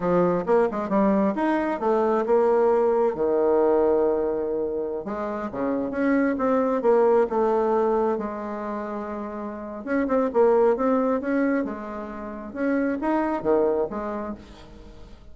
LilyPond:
\new Staff \with { instrumentName = "bassoon" } { \time 4/4 \tempo 4 = 134 f4 ais8 gis8 g4 dis'4 | a4 ais2 dis4~ | dis2.~ dis16 gis8.~ | gis16 cis4 cis'4 c'4 ais8.~ |
ais16 a2 gis4.~ gis16~ | gis2 cis'8 c'8 ais4 | c'4 cis'4 gis2 | cis'4 dis'4 dis4 gis4 | }